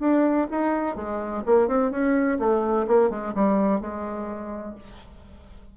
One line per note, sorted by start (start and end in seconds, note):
0.00 0.47 D4
0.51 0.96 D#4
0.96 1.43 G#3
1.46 1.68 A#3
1.68 1.91 C4
1.91 2.38 C#4
2.39 2.86 A3
2.88 3.10 A#3
3.10 3.34 G#3
3.35 3.81 G3
3.81 4.75 G#3